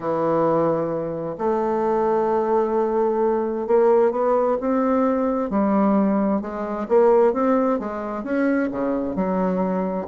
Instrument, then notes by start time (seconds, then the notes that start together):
bassoon
0.00 E3
1.38 A3
3.67 A#3
4.11 B3
4.60 C4
5.50 G3
6.41 G#3
6.88 A#3
7.33 C4
7.79 G#3
8.23 C#4
8.71 C#3
9.15 F#3